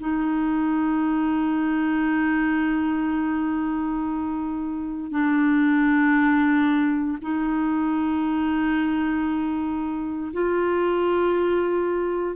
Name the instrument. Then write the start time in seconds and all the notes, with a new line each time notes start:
clarinet
0.00 D#4
5.12 D4
7.22 D#4
10.34 F4